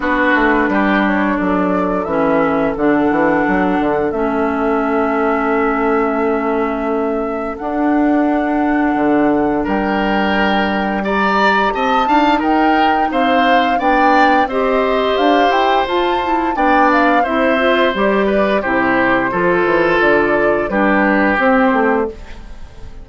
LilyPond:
<<
  \new Staff \with { instrumentName = "flute" } { \time 4/4 \tempo 4 = 87 b'4. cis''8 d''4 e''4 | fis''2 e''2~ | e''2. fis''4~ | fis''2 g''2 |
ais''4 a''4 g''4 f''4 | g''4 dis''4 f''8 g''8 a''4 | g''8 f''8 e''4 d''4 c''4~ | c''4 d''4 b'4 c''4 | }
  \new Staff \with { instrumentName = "oboe" } { \time 4/4 fis'4 g'4 a'2~ | a'1~ | a'1~ | a'2 ais'2 |
d''4 dis''8 f''8 ais'4 c''4 | d''4 c''2. | d''4 c''4. b'8 g'4 | a'2 g'2 | }
  \new Staff \with { instrumentName = "clarinet" } { \time 4/4 d'2. cis'4 | d'2 cis'2~ | cis'2. d'4~ | d'1 |
g'4. dis'2~ dis'8 | d'4 g'2 f'8 e'8 | d'4 e'8 f'8 g'4 e'4 | f'2 d'4 c'4 | }
  \new Staff \with { instrumentName = "bassoon" } { \time 4/4 b8 a8 g4 fis4 e4 | d8 e8 fis8 d8 a2~ | a2. d'4~ | d'4 d4 g2~ |
g4 c'8 d'8 dis'4 c'4 | b4 c'4 d'8 e'8 f'4 | b4 c'4 g4 c4 | f8 e8 d4 g4 c'8 a8 | }
>>